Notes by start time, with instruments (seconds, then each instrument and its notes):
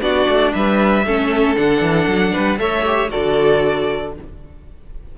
0.00 cello B3, viola D4, violin F#4 D5
0.28 cello A3
0.53 cello G3, violin B4 E5
1.04 cello A3, viola C#4, violin A4
1.56 cello D3, viola D4, violin F#5
1.81 cello E3
2.07 cello F#3
2.33 cello G3, violin B4
2.58 cello A3, viola A4, violin C#5 E5
2.86 viola G4
3.09 cello D3, viola F#4, violin A4 D5